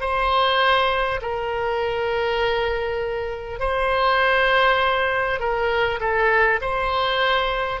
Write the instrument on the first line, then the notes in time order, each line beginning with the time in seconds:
oboe
0.00 C5
1.21 A#4
3.59 C5
5.39 A#4
6.00 A4
6.61 C5